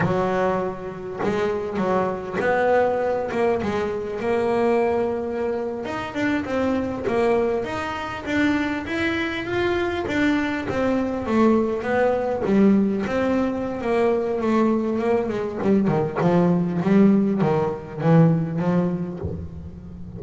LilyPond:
\new Staff \with { instrumentName = "double bass" } { \time 4/4 \tempo 4 = 100 fis2 gis4 fis4 | b4. ais8 gis4 ais4~ | ais4.~ ais16 dis'8 d'8 c'4 ais16~ | ais8. dis'4 d'4 e'4 f'16~ |
f'8. d'4 c'4 a4 b16~ | b8. g4 c'4~ c'16 ais4 | a4 ais8 gis8 g8 dis8 f4 | g4 dis4 e4 f4 | }